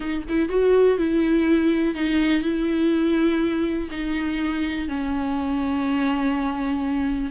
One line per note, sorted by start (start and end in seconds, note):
0.00 0.24 D#4
0.28 0.49 E4
0.49 0.98 F#4
0.98 1.94 E4
1.94 2.42 D#4
2.42 3.88 E4
3.90 4.88 D#4
4.88 7.31 C#4